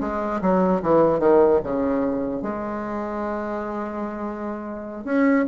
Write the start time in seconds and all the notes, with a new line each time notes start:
0.00 G#3
0.42 F#3
0.83 E3
1.19 D#3
1.64 C#3
2.42 G#3
5.05 C#4